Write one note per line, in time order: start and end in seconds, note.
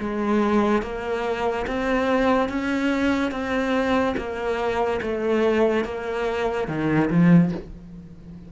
0.00 0.83 G#3
0.83 1.66 A#3
1.67 2.49 C4
2.49 3.32 C#4
3.32 4.15 C4
4.17 5.00 A#3
5.02 5.85 A3
5.85 6.68 A#3
6.68 7.09 D#3
7.11 7.52 F3